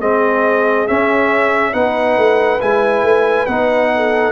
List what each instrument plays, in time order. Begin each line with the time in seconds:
0.00 tuba G#3, trombone C4, horn G#4, trumpet D#5
0.87 trombone C#4, tuba C#4, trumpet E5
1.72 tuba B3, trombone D#4, horn B4, trumpet F#5
2.18 tuba A3
2.61 tuba G#3, trombone E4, trumpet G#5
3.03 tuba A3
3.46 tuba B3, trombone D#4, trumpet F#5
3.95 horn A4